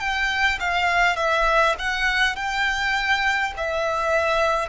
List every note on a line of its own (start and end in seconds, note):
0.00 0.59 G5
0.60 1.17 F5
1.17 1.75 E5
1.79 2.36 F#5
2.36 3.53 G5
3.57 4.70 E5